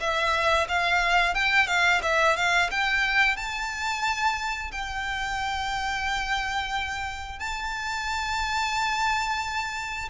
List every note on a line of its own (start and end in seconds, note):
0.00 0.67 E5
0.68 1.34 F5
1.34 1.67 G5
1.67 2.01 F5
2.03 2.36 E5
2.36 2.70 F5
2.71 3.36 G5
3.36 4.71 A5
4.72 7.39 G5
7.39 10.09 A5